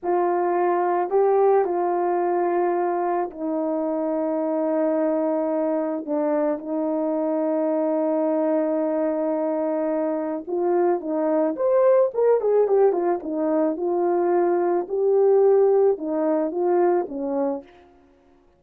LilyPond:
\new Staff \with { instrumentName = "horn" } { \time 4/4 \tempo 4 = 109 f'2 g'4 f'4~ | f'2 dis'2~ | dis'2. d'4 | dis'1~ |
dis'2. f'4 | dis'4 c''4 ais'8 gis'8 g'8 f'8 | dis'4 f'2 g'4~ | g'4 dis'4 f'4 cis'4 | }